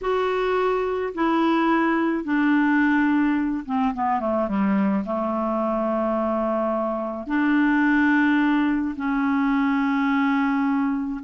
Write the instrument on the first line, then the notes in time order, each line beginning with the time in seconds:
clarinet
0.01 F#4
1.14 E4
2.24 D4
3.65 C4
3.94 B3
4.20 A3
4.48 G3
5.05 A3
7.26 D4
8.96 C#4